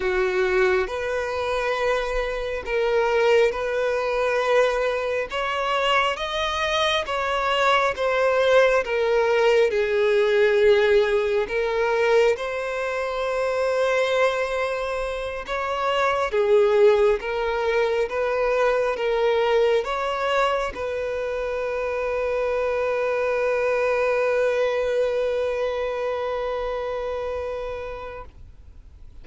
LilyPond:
\new Staff \with { instrumentName = "violin" } { \time 4/4 \tempo 4 = 68 fis'4 b'2 ais'4 | b'2 cis''4 dis''4 | cis''4 c''4 ais'4 gis'4~ | gis'4 ais'4 c''2~ |
c''4. cis''4 gis'4 ais'8~ | ais'8 b'4 ais'4 cis''4 b'8~ | b'1~ | b'1 | }